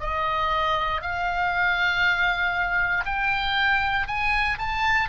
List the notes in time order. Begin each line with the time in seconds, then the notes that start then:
0.00 D#5
1.02 F5
3.06 G5
4.07 G#5
4.59 A5